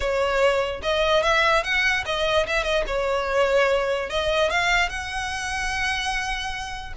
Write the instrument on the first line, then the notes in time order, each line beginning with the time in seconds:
violin
0.00 C#5
0.82 D#5
1.22 E5
1.63 F#5
2.05 D#5
2.47 E5
2.63 D#5
2.87 C#5
4.09 D#5
4.50 F5
4.89 F#5